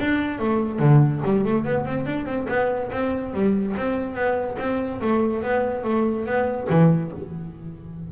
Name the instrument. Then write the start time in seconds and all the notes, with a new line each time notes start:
double bass
0.00 D4
0.39 A3
0.79 D3
1.24 G3
1.45 A3
1.64 B3
1.85 C4
2.06 D4
2.26 C4
2.49 B3
2.92 C4
3.34 G3
3.77 C4
4.15 B3
4.59 C4
5.01 A3
5.43 B3
5.84 A3
6.26 B3
6.70 E3